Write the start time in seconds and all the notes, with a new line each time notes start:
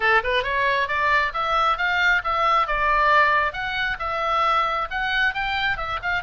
0.00 A4
0.23 B4
0.43 C#5
0.87 D5
1.33 E5
1.77 F5
2.24 E5
2.67 D5
3.53 F#5
3.99 E5
4.90 F#5
5.34 G5
5.77 E5
6.02 F5